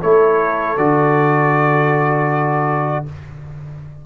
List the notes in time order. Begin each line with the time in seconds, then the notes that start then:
0.00 A3 E4 A4 C#5
0.77 D3 F#4 D5